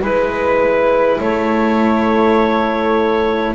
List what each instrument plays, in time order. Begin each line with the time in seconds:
0.00 double bass G#3, cello E4, saxophone B4, clarinet B4
1.20 double bass A3, saxophone A4, clarinet C#5